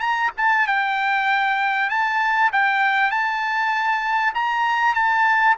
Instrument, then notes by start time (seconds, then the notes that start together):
trumpet
0.00 A#5
0.37 A5
0.67 G5
1.90 A5
2.53 G5
3.11 A5
4.34 A#5
4.95 A5